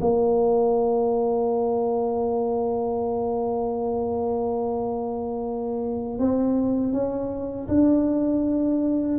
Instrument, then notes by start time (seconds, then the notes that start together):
tuba
0.00 A#3
6.18 C4
6.92 C#4
7.68 D4